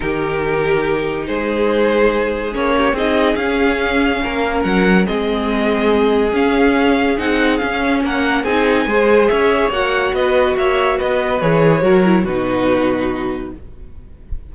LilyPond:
<<
  \new Staff \with { instrumentName = "violin" } { \time 4/4 \tempo 4 = 142 ais'2. c''4~ | c''2 cis''4 dis''4 | f''2. fis''4 | dis''2. f''4~ |
f''4 fis''4 f''4 fis''4 | gis''2 e''4 fis''4 | dis''4 e''4 dis''4 cis''4~ | cis''4 b'2. | }
  \new Staff \with { instrumentName = "violin" } { \time 4/4 g'2. gis'4~ | gis'2~ gis'8 g'8 gis'4~ | gis'2 ais'2 | gis'1~ |
gis'2. ais'4 | gis'4 c''4 cis''2 | b'4 cis''4 b'2 | ais'4 fis'2. | }
  \new Staff \with { instrumentName = "viola" } { \time 4/4 dis'1~ | dis'2 cis'4 dis'4 | cis'1 | c'2. cis'4~ |
cis'4 dis'4 cis'2 | dis'4 gis'2 fis'4~ | fis'2. gis'4 | fis'8 e'8 dis'2. | }
  \new Staff \with { instrumentName = "cello" } { \time 4/4 dis2. gis4~ | gis2 ais4 c'4 | cis'2 ais4 fis4 | gis2. cis'4~ |
cis'4 c'4 cis'4 ais4 | c'4 gis4 cis'4 ais4 | b4 ais4 b4 e4 | fis4 b,2. | }
>>